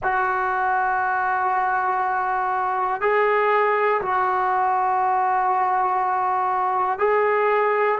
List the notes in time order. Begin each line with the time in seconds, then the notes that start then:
0.03 F#4
3.01 G#4
4.01 F#4
6.99 G#4